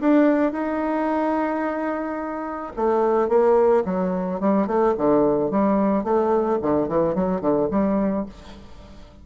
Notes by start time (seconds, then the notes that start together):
0.00 D4
0.52 D#4
2.76 A3
3.28 A#3
3.85 F#3
4.40 G3
4.67 A3
4.97 D3
5.50 G3
6.04 A3
6.62 D3
6.88 E3
7.14 F#3
7.41 D3
7.71 G3